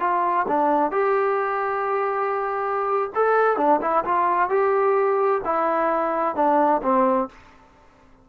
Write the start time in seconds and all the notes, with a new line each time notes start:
0.00 F4
0.48 D4
0.91 G4
3.15 A4
3.57 D4
3.81 E4
4.05 F4
4.49 G4
5.45 E4
6.35 D4
6.83 C4